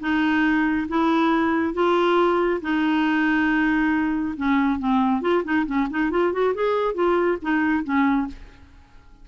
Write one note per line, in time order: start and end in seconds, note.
0.00 0.87 D#4
0.88 1.73 E4
1.73 2.60 F4
2.61 4.35 D#4
4.36 4.78 C#4
4.78 5.21 C4
5.21 5.43 F4
5.44 5.65 D#4
5.66 5.88 C#4
5.90 6.10 D#4
6.10 6.32 F4
6.32 6.54 F#4
6.54 6.94 G#4
6.94 7.37 F4
7.41 7.83 D#4
7.83 8.27 C#4